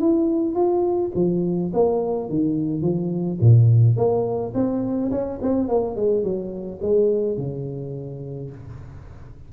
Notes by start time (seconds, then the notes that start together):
0.00 E4
0.55 F4
1.15 F3
1.73 A#3
2.29 D#3
2.81 F3
3.40 A#2
3.96 A#3
4.54 C4
5.11 C#4
5.41 C4
5.68 A#3
5.95 G#3
6.23 F#3
6.82 G#3
7.37 C#3